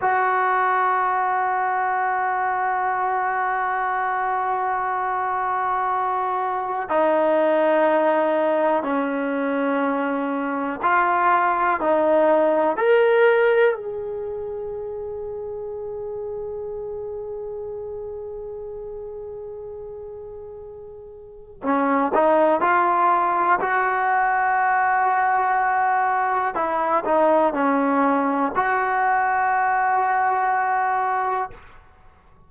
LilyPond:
\new Staff \with { instrumentName = "trombone" } { \time 4/4 \tempo 4 = 61 fis'1~ | fis'2. dis'4~ | dis'4 cis'2 f'4 | dis'4 ais'4 gis'2~ |
gis'1~ | gis'2 cis'8 dis'8 f'4 | fis'2. e'8 dis'8 | cis'4 fis'2. | }